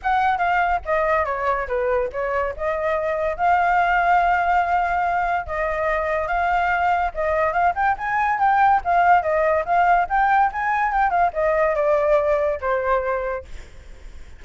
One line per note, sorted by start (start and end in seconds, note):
0.02 0.38 F#5
0.38 0.80 F5
0.85 1.25 D#5
1.25 1.67 C#5
1.67 2.09 B4
2.12 2.54 C#5
2.56 3.36 D#5
3.36 5.46 F5
5.46 6.27 D#5
6.27 7.11 F5
7.14 7.52 D#5
7.52 7.73 F5
7.75 7.96 G5
7.97 8.39 G#5
8.39 8.81 G5
8.84 9.22 F5
9.22 9.64 D#5
9.65 10.07 F5
10.09 10.51 G5
10.52 10.92 G#5
10.92 11.10 G5
11.10 11.31 F5
11.33 11.75 D#5
11.75 12.59 D5
12.60 13.44 C5